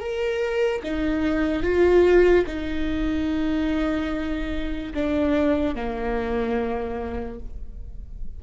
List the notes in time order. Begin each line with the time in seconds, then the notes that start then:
0.00 A#4
0.83 D#4
1.63 F4
2.47 D#4
4.94 D4
5.75 A#3